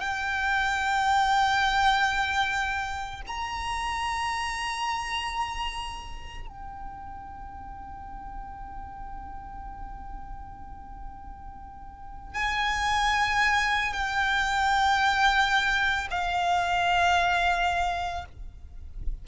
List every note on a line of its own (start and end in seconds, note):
0.00 3.21 G5
3.27 6.48 A#5
6.48 12.34 G5
12.34 13.93 G#5
13.93 16.07 G5
16.11 18.25 F5